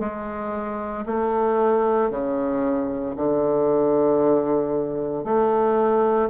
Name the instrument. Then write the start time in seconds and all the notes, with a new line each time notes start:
bassoon
0.00 G#3
1.06 A3
2.11 C#3
3.17 D3
5.25 A3